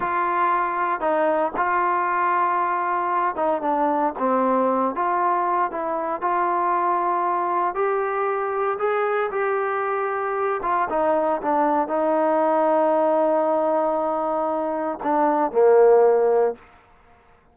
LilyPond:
\new Staff \with { instrumentName = "trombone" } { \time 4/4 \tempo 4 = 116 f'2 dis'4 f'4~ | f'2~ f'8 dis'8 d'4 | c'4. f'4. e'4 | f'2. g'4~ |
g'4 gis'4 g'2~ | g'8 f'8 dis'4 d'4 dis'4~ | dis'1~ | dis'4 d'4 ais2 | }